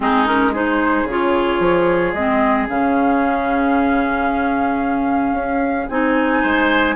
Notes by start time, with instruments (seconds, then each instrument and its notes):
0.00 bassoon G#3, clarinet C4, oboe D#4, flute G#4
0.26 clarinet C#4, flute A#4
0.51 clarinet D#4, oboe G#4, flute C5
1.04 bassoon C#3, clarinet F4, flute C#5
1.59 bassoon F3
2.13 bassoon G#3, clarinet C4, flute D#5
2.68 bassoon C#3, clarinet C#4, flute F5
5.32 bassoon C#4
5.89 bassoon C4, clarinet D#4, flute G#5
6.41 bassoon G#3, oboe C5